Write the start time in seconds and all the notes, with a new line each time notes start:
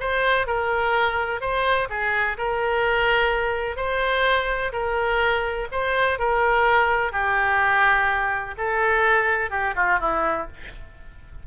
0.00 C5
0.47 A#4
1.41 C5
1.90 G#4
2.38 A#4
3.77 C5
4.73 A#4
5.72 C5
6.19 A#4
7.12 G4
8.58 A4
9.51 G4
9.76 F4
10.00 E4